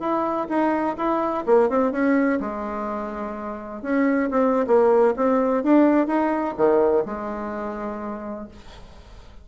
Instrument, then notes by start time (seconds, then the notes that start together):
bassoon
0.00 E4
0.49 D#4
0.97 E4
1.46 A#3
1.70 C4
1.92 C#4
2.40 G#3
3.82 C#4
4.31 C4
4.67 A#3
5.16 C4
5.64 D4
6.07 D#4
6.57 D#3
7.06 G#3